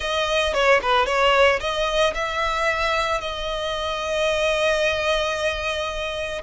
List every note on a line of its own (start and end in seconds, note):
0.00 0.53 D#5
0.53 0.80 C#5
0.82 1.06 B4
1.06 1.59 C#5
1.60 2.13 D#5
2.14 3.20 E5
3.20 6.42 D#5